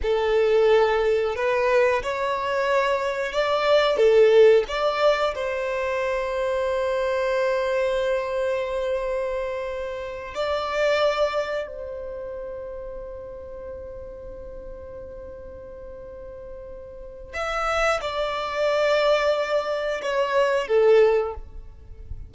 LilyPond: \new Staff \with { instrumentName = "violin" } { \time 4/4 \tempo 4 = 90 a'2 b'4 cis''4~ | cis''4 d''4 a'4 d''4 | c''1~ | c''2.~ c''8 d''8~ |
d''4. c''2~ c''8~ | c''1~ | c''2 e''4 d''4~ | d''2 cis''4 a'4 | }